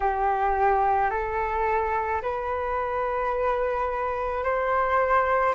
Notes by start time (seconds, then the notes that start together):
0.00 G4
1.10 A4
2.22 B4
4.43 C5